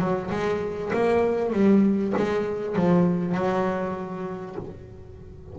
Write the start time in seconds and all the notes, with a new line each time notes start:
0.00 F#3
0.31 G#3
0.93 A#3
1.53 G3
2.17 G#3
2.76 F3
3.34 F#3